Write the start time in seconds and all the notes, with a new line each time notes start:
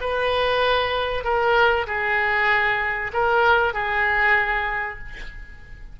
0.00 B4
1.24 A#4
1.86 G#4
3.13 A#4
3.73 G#4